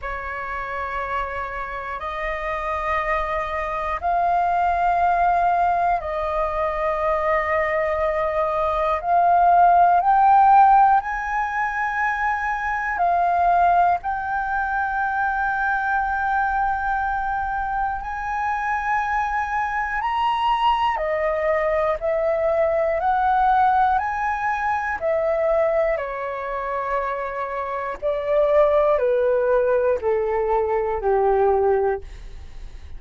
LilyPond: \new Staff \with { instrumentName = "flute" } { \time 4/4 \tempo 4 = 60 cis''2 dis''2 | f''2 dis''2~ | dis''4 f''4 g''4 gis''4~ | gis''4 f''4 g''2~ |
g''2 gis''2 | ais''4 dis''4 e''4 fis''4 | gis''4 e''4 cis''2 | d''4 b'4 a'4 g'4 | }